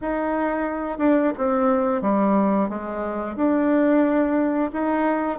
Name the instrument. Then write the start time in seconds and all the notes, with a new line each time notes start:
bassoon
0.01 D#4
0.98 D4
1.37 C4
2.01 G3
2.69 G#3
3.36 D4
4.73 D#4